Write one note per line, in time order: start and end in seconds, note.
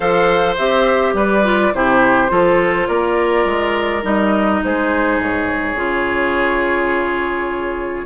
0.00 0.56 F3
0.00 0.58 A4
0.00 1.14 C5
0.00 0.54 F5
0.57 1.13 C4
0.57 1.43 G4
0.57 1.15 E5
1.13 1.71 G3
1.13 1.73 B4
1.13 1.74 D5
1.43 1.72 F4
1.74 2.30 C3
1.74 2.28 E4
1.74 2.31 G4
1.74 2.87 C5
2.28 2.88 F3
2.28 4.02 F4
2.28 2.88 A4
2.87 3.45 A#3
2.87 4.61 A#4
2.87 4.03 D5
3.45 4.03 G#3
4.02 4.61 G3
4.02 5.75 D#4
4.02 4.63 D#5
4.64 5.19 G#3
4.64 8.06 G#4
4.64 5.21 C5
5.19 5.74 G#2
5.19 8.06 C#5
5.74 8.05 C#3
5.74 8.06 F4